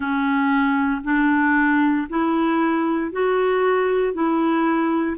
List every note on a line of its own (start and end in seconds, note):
0.00 1.01 C#4
1.03 2.07 D4
2.09 3.12 E4
3.12 4.13 F#4
4.13 5.17 E4